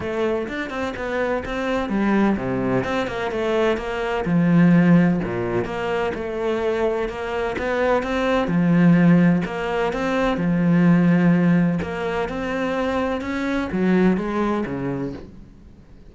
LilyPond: \new Staff \with { instrumentName = "cello" } { \time 4/4 \tempo 4 = 127 a4 d'8 c'8 b4 c'4 | g4 c4 c'8 ais8 a4 | ais4 f2 ais,4 | ais4 a2 ais4 |
b4 c'4 f2 | ais4 c'4 f2~ | f4 ais4 c'2 | cis'4 fis4 gis4 cis4 | }